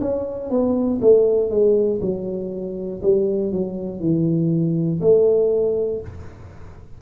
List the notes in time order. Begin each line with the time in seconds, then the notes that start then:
0.00 C#4
0.50 B3
1.00 A3
1.50 G#3
2.00 F#3
3.02 G3
3.51 F#3
4.00 E3
5.00 A3